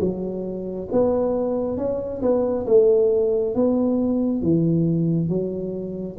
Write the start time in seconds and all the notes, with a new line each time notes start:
0.00 F#3
0.92 B3
1.77 C#4
2.21 B3
2.66 A3
3.55 B3
4.42 E3
5.29 F#3